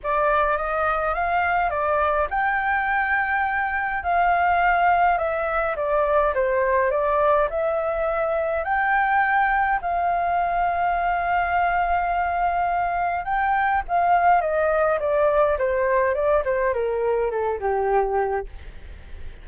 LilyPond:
\new Staff \with { instrumentName = "flute" } { \time 4/4 \tempo 4 = 104 d''4 dis''4 f''4 d''4 | g''2. f''4~ | f''4 e''4 d''4 c''4 | d''4 e''2 g''4~ |
g''4 f''2.~ | f''2. g''4 | f''4 dis''4 d''4 c''4 | d''8 c''8 ais'4 a'8 g'4. | }